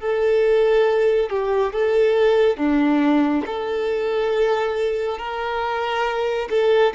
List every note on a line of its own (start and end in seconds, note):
0.00 1.30 A4
1.30 1.73 G4
1.73 2.57 A4
2.57 3.43 D4
3.46 5.18 A4
5.18 6.48 A#4
6.49 6.93 A4